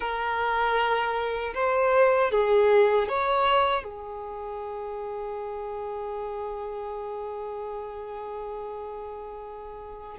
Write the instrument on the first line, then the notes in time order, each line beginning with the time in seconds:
violin
0.00 A#4
1.54 C5
2.31 G#4
3.08 C#5
3.83 G#4